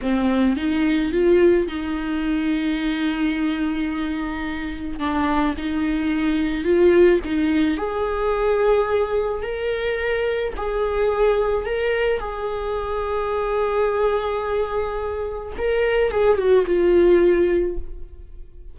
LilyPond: \new Staff \with { instrumentName = "viola" } { \time 4/4 \tempo 4 = 108 c'4 dis'4 f'4 dis'4~ | dis'1~ | dis'4 d'4 dis'2 | f'4 dis'4 gis'2~ |
gis'4 ais'2 gis'4~ | gis'4 ais'4 gis'2~ | gis'1 | ais'4 gis'8 fis'8 f'2 | }